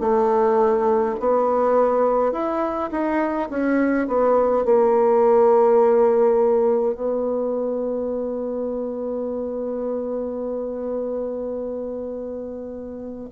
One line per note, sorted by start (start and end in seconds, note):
0.00 1.15 A3
1.20 2.32 B3
2.32 2.90 E4
2.92 3.49 D#4
3.50 4.08 C#4
4.08 4.65 B3
4.65 6.94 A#3
6.94 13.29 B3